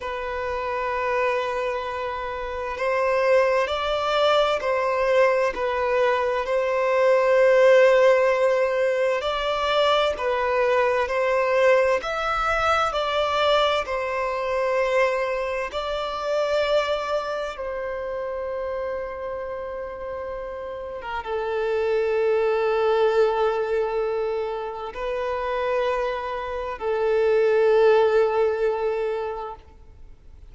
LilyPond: \new Staff \with { instrumentName = "violin" } { \time 4/4 \tempo 4 = 65 b'2. c''4 | d''4 c''4 b'4 c''4~ | c''2 d''4 b'4 | c''4 e''4 d''4 c''4~ |
c''4 d''2 c''4~ | c''2~ c''8. ais'16 a'4~ | a'2. b'4~ | b'4 a'2. | }